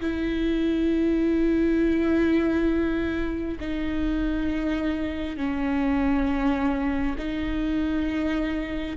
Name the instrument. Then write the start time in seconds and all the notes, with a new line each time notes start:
viola
0.00 E4
3.60 D#4
5.37 C#4
7.18 D#4